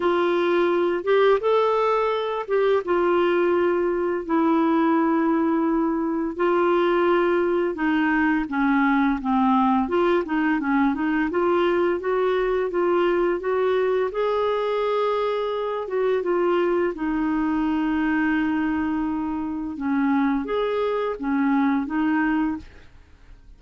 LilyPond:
\new Staff \with { instrumentName = "clarinet" } { \time 4/4 \tempo 4 = 85 f'4. g'8 a'4. g'8 | f'2 e'2~ | e'4 f'2 dis'4 | cis'4 c'4 f'8 dis'8 cis'8 dis'8 |
f'4 fis'4 f'4 fis'4 | gis'2~ gis'8 fis'8 f'4 | dis'1 | cis'4 gis'4 cis'4 dis'4 | }